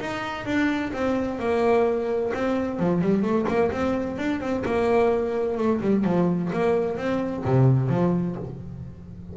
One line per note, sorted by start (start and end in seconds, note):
0.00 0.45 D#4
0.45 0.92 D4
0.93 1.39 C4
1.39 2.32 A#3
2.34 2.79 C4
2.79 3.01 F3
3.01 3.22 G3
3.22 3.46 A3
3.48 3.71 A#3
3.71 4.18 C4
4.18 4.40 D4
4.40 4.63 C4
4.65 5.57 A#3
5.57 5.81 A3
5.81 6.04 G3
6.04 6.51 F3
6.53 6.97 A#3
6.97 7.44 C4
7.45 7.89 C3
7.89 8.36 F3